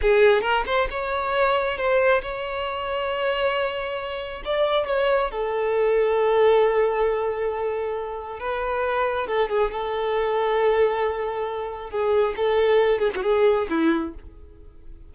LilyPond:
\new Staff \with { instrumentName = "violin" } { \time 4/4 \tempo 4 = 136 gis'4 ais'8 c''8 cis''2 | c''4 cis''2.~ | cis''2 d''4 cis''4 | a'1~ |
a'2. b'4~ | b'4 a'8 gis'8 a'2~ | a'2. gis'4 | a'4. gis'16 fis'16 gis'4 e'4 | }